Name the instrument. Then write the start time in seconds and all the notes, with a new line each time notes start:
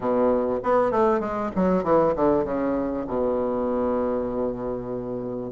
bassoon
0.00 B2
0.63 B3
0.91 A3
1.19 G#3
1.55 F#3
1.83 E3
2.15 D3
2.44 C#3
3.07 B2